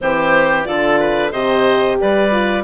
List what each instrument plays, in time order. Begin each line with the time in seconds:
0.01 bassoon E3, horn C4, oboe G4, clarinet C5
0.64 bassoon D3, horn F4, oboe A4, clarinet D5
0.99 oboe B4
1.31 bassoon C3, horn G4, oboe C5, clarinet D#5
2.00 bassoon G3, oboe B4, clarinet D5
2.31 horn F4